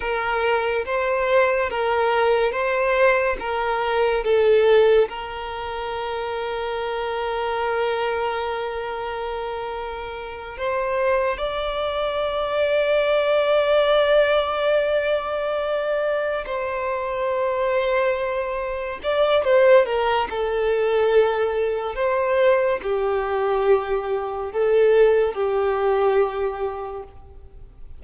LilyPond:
\new Staff \with { instrumentName = "violin" } { \time 4/4 \tempo 4 = 71 ais'4 c''4 ais'4 c''4 | ais'4 a'4 ais'2~ | ais'1~ | ais'8 c''4 d''2~ d''8~ |
d''2.~ d''8 c''8~ | c''2~ c''8 d''8 c''8 ais'8 | a'2 c''4 g'4~ | g'4 a'4 g'2 | }